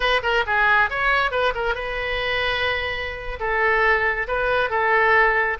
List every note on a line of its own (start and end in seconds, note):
0.00 0.21 B4
0.22 0.44 A#4
0.46 0.89 G#4
0.89 1.31 C#5
1.31 1.53 B4
1.54 1.74 A#4
1.74 3.39 B4
3.39 4.27 A4
4.27 4.69 B4
4.69 5.57 A4